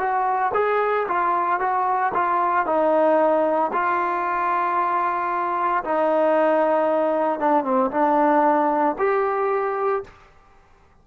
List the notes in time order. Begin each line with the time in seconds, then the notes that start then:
0.00 F#4
0.55 G#4
1.09 F4
1.60 F#4
2.14 F4
2.67 D#4
3.74 F4
5.85 D#4
7.40 D4
7.65 C4
7.91 D4
8.99 G4